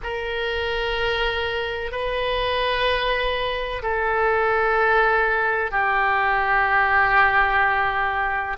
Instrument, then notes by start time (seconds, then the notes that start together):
oboe
0.03 A#4
1.91 B4
3.82 A4
5.71 G4